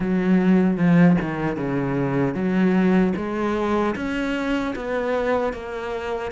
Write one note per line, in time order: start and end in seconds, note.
0.00 0.77 F#3
0.77 1.16 F3
1.21 1.56 D#3
1.56 2.34 C#3
2.34 3.13 F#3
3.16 3.95 G#3
3.95 4.74 C#4
4.75 5.53 B3
5.53 6.31 A#3